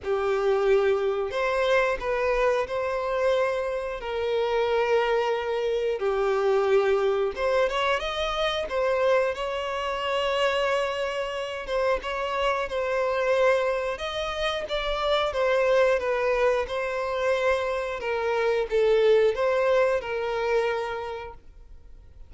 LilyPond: \new Staff \with { instrumentName = "violin" } { \time 4/4 \tempo 4 = 90 g'2 c''4 b'4 | c''2 ais'2~ | ais'4 g'2 c''8 cis''8 | dis''4 c''4 cis''2~ |
cis''4. c''8 cis''4 c''4~ | c''4 dis''4 d''4 c''4 | b'4 c''2 ais'4 | a'4 c''4 ais'2 | }